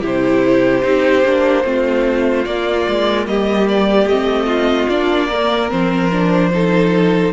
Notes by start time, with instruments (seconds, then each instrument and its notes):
0.00 cello C3, viola E4, violin G4 C5
0.82 cello C4, viola D#4
1.24 cello A#3, viola D4
1.64 cello A3, viola C4, violin F4
2.45 cello A#3, viola A#3, violin D5
2.88 cello G#3
3.26 cello G3, violin G4 D#5
3.68 violin D5
4.05 cello A3, viola C4, violin D#5
4.46 violin F4
4.89 cello A#3, viola D4, violin D5
5.28 viola A#3, violin A#4
5.69 cello F3, viola C4, violin C5
6.11 viola D4
6.53 viola D#4, violin A4